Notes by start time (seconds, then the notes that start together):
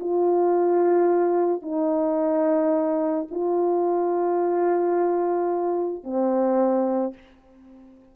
0.00 F4
1.62 D#4
3.31 F4
6.04 C4